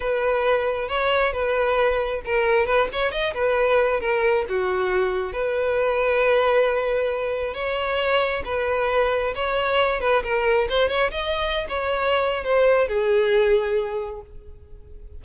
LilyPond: \new Staff \with { instrumentName = "violin" } { \time 4/4 \tempo 4 = 135 b'2 cis''4 b'4~ | b'4 ais'4 b'8 cis''8 dis''8 b'8~ | b'4 ais'4 fis'2 | b'1~ |
b'4 cis''2 b'4~ | b'4 cis''4. b'8 ais'4 | c''8 cis''8 dis''4~ dis''16 cis''4.~ cis''16 | c''4 gis'2. | }